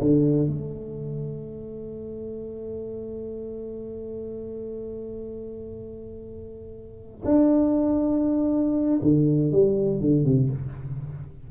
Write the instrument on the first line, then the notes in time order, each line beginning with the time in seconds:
tuba
0.00 D3
0.47 A3
7.24 D4
9.02 D3
9.52 G3
10.00 D3
10.24 C3